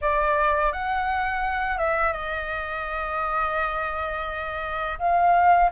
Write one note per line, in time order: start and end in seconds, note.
0.01 0.72 D5
0.72 1.78 F#5
1.78 2.12 E5
2.12 4.98 D#5
4.98 5.70 F5